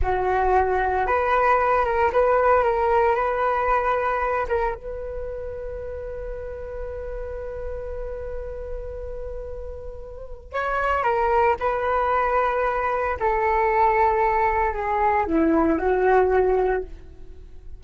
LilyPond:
\new Staff \with { instrumentName = "flute" } { \time 4/4 \tempo 4 = 114 fis'2 b'4. ais'8 | b'4 ais'4 b'2~ | b'8 ais'8 b'2.~ | b'1~ |
b'1 | cis''4 ais'4 b'2~ | b'4 a'2. | gis'4 e'4 fis'2 | }